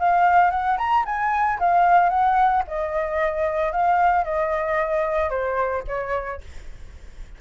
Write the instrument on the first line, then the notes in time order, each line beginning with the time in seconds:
flute
0.00 F5
0.51 F#5
0.78 A#5
1.06 G#5
1.60 F5
2.10 F#5
2.68 D#5
3.73 F5
4.25 D#5
5.30 C5
5.88 C#5